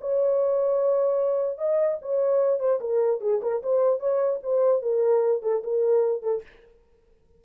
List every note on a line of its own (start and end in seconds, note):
0.00 1.58 C#5
1.58 1.98 D#5
2.01 2.59 C#5
2.59 2.79 C5
2.80 3.20 A#4
3.20 3.41 G#4
3.42 3.62 A#4
3.63 3.99 C5
3.99 4.39 C#5
4.43 4.82 C5
4.82 5.42 A#4
5.42 5.62 A4
5.63 6.22 A#4
6.22 6.42 A4